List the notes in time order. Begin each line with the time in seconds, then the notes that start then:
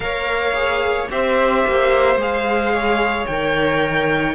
0.00 A#3 A#4 C#5 F5
0.53 G#4
1.09 C4 G4 C5 E5
1.67 A#3
2.16 G#3 G#4 F5
2.72 C#5
3.26 D#3 A#4 G5